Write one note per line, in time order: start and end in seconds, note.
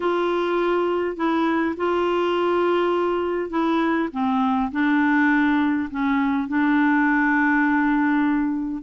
0.00 1.16 F4
1.16 1.75 E4
1.76 3.50 F4
3.50 4.09 E4
4.12 4.71 C4
4.71 5.89 D4
5.90 6.47 C#4
6.47 8.82 D4